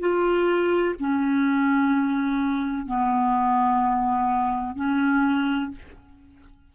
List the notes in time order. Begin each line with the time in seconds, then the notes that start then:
0.00 F4
1.00 C#4
2.86 B3
4.76 C#4